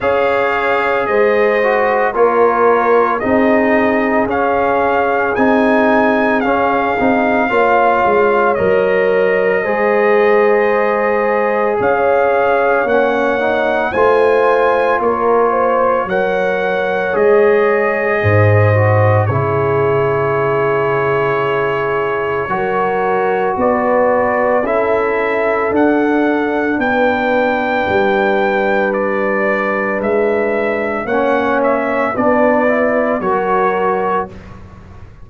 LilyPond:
<<
  \new Staff \with { instrumentName = "trumpet" } { \time 4/4 \tempo 4 = 56 f''4 dis''4 cis''4 dis''4 | f''4 gis''4 f''2 | dis''2. f''4 | fis''4 gis''4 cis''4 fis''4 |
dis''2 cis''2~ | cis''2 d''4 e''4 | fis''4 g''2 d''4 | e''4 fis''8 e''8 d''4 cis''4 | }
  \new Staff \with { instrumentName = "horn" } { \time 4/4 cis''4 c''4 ais'4 gis'4~ | gis'2. cis''4~ | cis''4 c''2 cis''4~ | cis''4 c''4 ais'8 c''8 cis''4~ |
cis''4 c''4 gis'2~ | gis'4 ais'4 b'4 a'4~ | a'4 b'2.~ | b'4 cis''4 b'4 ais'4 | }
  \new Staff \with { instrumentName = "trombone" } { \time 4/4 gis'4. fis'8 f'4 dis'4 | cis'4 dis'4 cis'8 dis'8 f'4 | ais'4 gis'2. | cis'8 dis'8 f'2 ais'4 |
gis'4. fis'8 e'2~ | e'4 fis'2 e'4 | d'1~ | d'4 cis'4 d'8 e'8 fis'4 | }
  \new Staff \with { instrumentName = "tuba" } { \time 4/4 cis'4 gis4 ais4 c'4 | cis'4 c'4 cis'8 c'8 ais8 gis8 | fis4 gis2 cis'4 | ais4 a4 ais4 fis4 |
gis4 gis,4 cis2~ | cis4 fis4 b4 cis'4 | d'4 b4 g2 | gis4 ais4 b4 fis4 | }
>>